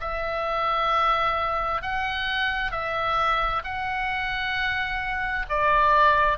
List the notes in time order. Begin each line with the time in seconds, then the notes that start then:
0.00 E5
1.82 F#5
2.71 E5
3.64 F#5
5.49 D5